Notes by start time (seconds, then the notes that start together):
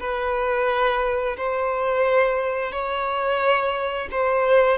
0.00 B4
1.37 C5
2.72 C#5
4.11 C5